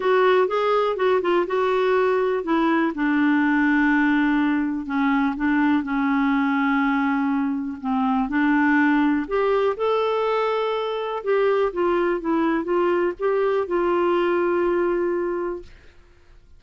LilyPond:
\new Staff \with { instrumentName = "clarinet" } { \time 4/4 \tempo 4 = 123 fis'4 gis'4 fis'8 f'8 fis'4~ | fis'4 e'4 d'2~ | d'2 cis'4 d'4 | cis'1 |
c'4 d'2 g'4 | a'2. g'4 | f'4 e'4 f'4 g'4 | f'1 | }